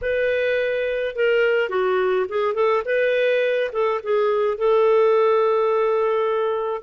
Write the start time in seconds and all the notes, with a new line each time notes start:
0.01 B4
1.15 A#4
1.69 F#4
2.28 G#4
2.54 A4
2.85 B4
3.72 A4
4.03 G#4
4.57 A4